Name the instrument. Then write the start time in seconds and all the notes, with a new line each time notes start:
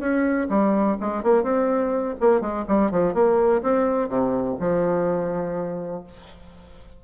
bassoon
0.00 C#4
0.50 G3
1.01 G#3
1.23 A#3
1.44 C4
2.21 A#3
2.42 G#3
2.68 G3
2.92 F3
3.14 A#3
3.63 C4
4.10 C3
4.60 F3